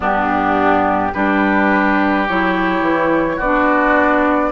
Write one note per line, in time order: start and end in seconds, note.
0.00 1.12 G2
0.00 1.13 B3
0.00 1.12 D4
0.00 1.13 G4
1.13 2.28 G3
1.13 2.27 D4
1.13 3.36 G4
1.13 2.26 B4
2.27 2.80 F#3
2.27 3.41 E4
2.27 3.39 C#5
2.80 3.37 E3
3.36 4.52 B3
3.36 4.49 F#4
3.36 4.52 D5
3.42 4.52 D4